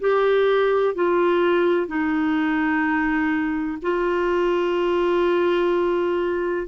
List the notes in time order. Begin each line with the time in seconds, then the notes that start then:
0.00 G4
0.95 F4
1.87 D#4
3.82 F4